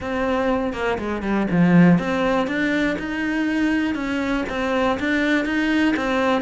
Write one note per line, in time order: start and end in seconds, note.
0.00 0.73 C4
0.73 0.98 A#3
0.98 1.22 G#3
1.22 1.47 G3
1.50 1.99 F3
1.99 2.47 C4
2.47 2.96 D4
2.99 3.94 D#4
3.94 4.44 C#4
4.49 4.98 C4
4.99 5.45 D4
5.45 5.94 D#4
5.96 6.41 C4